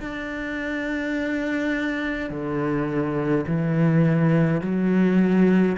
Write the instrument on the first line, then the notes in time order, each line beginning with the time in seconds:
cello
0.00 D4
2.30 D3
3.47 E3
4.61 F#3